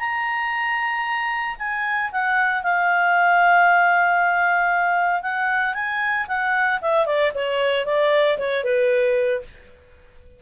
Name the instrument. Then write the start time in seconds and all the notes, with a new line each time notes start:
clarinet
0.00 A#5
1.59 G#5
2.12 F#5
2.63 F5
5.23 F#5
5.75 G#5
6.28 F#5
6.82 E5
7.06 D5
7.35 C#5
7.86 D5
8.39 C#5
8.64 B4